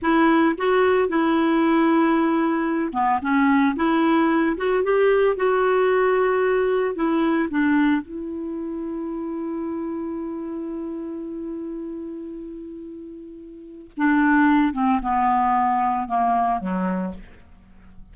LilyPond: \new Staff \with { instrumentName = "clarinet" } { \time 4/4 \tempo 4 = 112 e'4 fis'4 e'2~ | e'4. b8 cis'4 e'4~ | e'8 fis'8 g'4 fis'2~ | fis'4 e'4 d'4 e'4~ |
e'1~ | e'1~ | e'2 d'4. c'8 | b2 ais4 fis4 | }